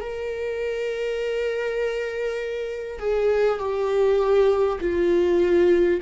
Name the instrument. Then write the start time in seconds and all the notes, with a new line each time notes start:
viola
0.00 A#4
2.99 G#4
3.58 G4
4.80 F4